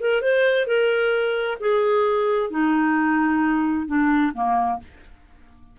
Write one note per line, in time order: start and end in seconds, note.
0.00 0.22 A#4
0.22 0.67 C5
0.67 1.58 A#4
1.60 2.50 G#4
2.50 3.87 D#4
3.87 4.32 D4
4.34 4.79 A#3